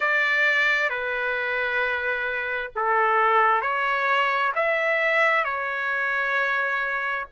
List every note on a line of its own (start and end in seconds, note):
0.00 0.89 D5
0.89 2.71 B4
2.75 3.61 A4
3.61 4.52 C#5
4.55 5.44 E5
5.44 7.26 C#5